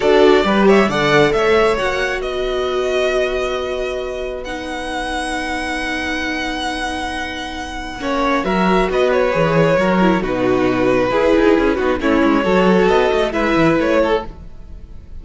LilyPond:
<<
  \new Staff \with { instrumentName = "violin" } { \time 4/4 \tempo 4 = 135 d''4. e''8 fis''4 e''4 | fis''4 dis''2.~ | dis''2 fis''2~ | fis''1~ |
fis''2. e''4 | dis''8 cis''2~ cis''8 b'4~ | b'2. cis''4~ | cis''4 dis''4 e''4 cis''4 | }
  \new Staff \with { instrumentName = "violin" } { \time 4/4 a'4 b'8 cis''8 d''4 cis''4~ | cis''4 b'2.~ | b'1~ | b'1~ |
b'2 cis''4 ais'4 | b'2 ais'4 fis'4~ | fis'4 gis'4. fis'8 e'4 | a'2 b'4. a'8 | }
  \new Staff \with { instrumentName = "viola" } { \time 4/4 fis'4 g'4 a'2 | fis'1~ | fis'2 dis'2~ | dis'1~ |
dis'2 cis'4 fis'4~ | fis'4 gis'4 fis'8 e'8 dis'4~ | dis'4 e'4. dis'8 cis'4 | fis'2 e'2 | }
  \new Staff \with { instrumentName = "cello" } { \time 4/4 d'4 g4 d4 a4 | ais4 b2.~ | b1~ | b1~ |
b2 ais4 fis4 | b4 e4 fis4 b,4~ | b,4 e'8 dis'8 cis'8 b8 a8 gis8 | fis4 b8 a8 gis8 e8 a4 | }
>>